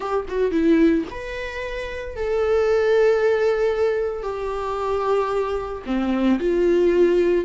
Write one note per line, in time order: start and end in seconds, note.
0.00 0.26 G4
0.28 0.51 F#4
0.51 1.04 E4
1.10 2.16 B4
2.16 4.23 A4
4.23 5.82 G4
5.86 6.39 C4
6.39 7.44 F4